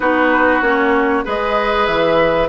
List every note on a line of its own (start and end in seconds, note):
0.00 0.61 B3
0.00 0.62 D#4
0.00 1.24 F#4
0.00 0.61 B4
0.61 1.23 A#3
0.61 1.23 C#4
0.61 1.24 C#5
1.23 1.87 G#3
1.23 2.48 G#4
1.23 2.48 B4
1.23 1.85 D#5
1.85 2.48 E3
1.85 2.48 E5